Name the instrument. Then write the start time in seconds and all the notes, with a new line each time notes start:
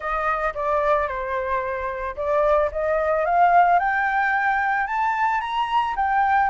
flute
0.00 D#5
0.54 D5
1.07 C5
2.16 D5
2.71 D#5
3.25 F5
3.79 G5
4.86 A5
5.41 A#5
5.96 G5